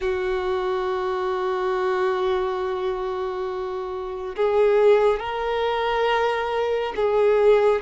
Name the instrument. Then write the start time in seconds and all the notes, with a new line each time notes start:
violin
0.00 F#4
4.36 G#4
5.19 A#4
6.96 G#4